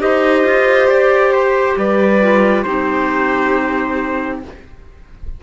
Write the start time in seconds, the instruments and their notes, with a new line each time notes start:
0.00 cello D#4, clarinet G4, violin C5, trumpet D#5
0.44 cello F4
0.87 cello G4, trumpet D5
1.33 trumpet C5
1.77 cello G3, violin B4, trumpet D5
2.21 clarinet F4
2.63 cello C4, clarinet D#4, violin G4, trumpet C5